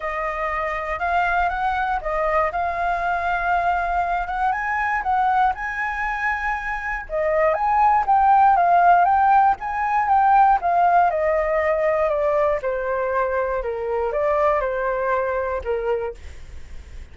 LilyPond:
\new Staff \with { instrumentName = "flute" } { \time 4/4 \tempo 4 = 119 dis''2 f''4 fis''4 | dis''4 f''2.~ | f''8 fis''8 gis''4 fis''4 gis''4~ | gis''2 dis''4 gis''4 |
g''4 f''4 g''4 gis''4 | g''4 f''4 dis''2 | d''4 c''2 ais'4 | d''4 c''2 ais'4 | }